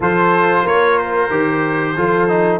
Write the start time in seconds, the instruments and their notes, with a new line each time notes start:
0.00 tuba F3, trombone F4, horn A4, trumpet C5
0.63 tuba A#3, horn A#4, trumpet C#5
0.98 trumpet C5
1.30 tuba D#3, trombone G4
1.96 tuba F3, trombone F4, horn A4
2.28 trombone D#4